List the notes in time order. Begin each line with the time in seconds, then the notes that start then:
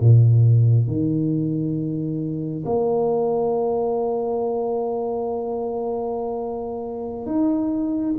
0.00 A#2
0.88 D#3
2.66 A#3
7.26 D#4